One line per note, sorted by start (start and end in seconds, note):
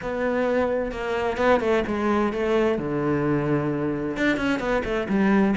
0.01 0.91 B3
0.91 1.37 A#3
1.37 1.60 B3
1.60 1.83 A3
1.87 2.32 G#3
2.32 2.78 A3
2.78 4.16 D3
4.16 4.36 D4
4.36 4.59 C#4
4.59 4.82 B3
4.84 5.07 A3
5.08 5.54 G3